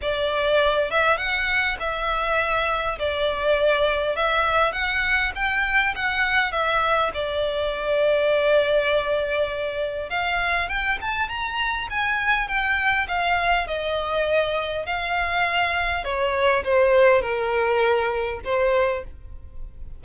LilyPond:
\new Staff \with { instrumentName = "violin" } { \time 4/4 \tempo 4 = 101 d''4. e''8 fis''4 e''4~ | e''4 d''2 e''4 | fis''4 g''4 fis''4 e''4 | d''1~ |
d''4 f''4 g''8 a''8 ais''4 | gis''4 g''4 f''4 dis''4~ | dis''4 f''2 cis''4 | c''4 ais'2 c''4 | }